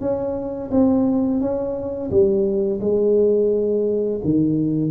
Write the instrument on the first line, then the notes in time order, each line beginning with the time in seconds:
tuba
0.00 C#4
0.71 C4
1.40 C#4
2.10 G3
2.80 G#3
4.24 D#3